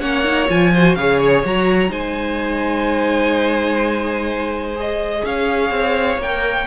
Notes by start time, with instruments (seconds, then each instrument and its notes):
0.00 cello A#3, viola C#4, violin C#5 F#5
0.24 viola D#4
0.48 cello F3, viola F4, violin G#5
0.73 viola F#4, violin C5
0.95 cello C#3, viola G#4, violin C#5 F5
1.18 violin C#5
1.45 cello F#3, viola F#4, violin A#5
1.89 cello G#3, viola D#4, violin C5 G#5
4.75 viola G#4, violin D#5
5.24 cello C#4, violin C#5 F5
5.70 cello C4
6.17 cello A#3, viola A#4, violin G5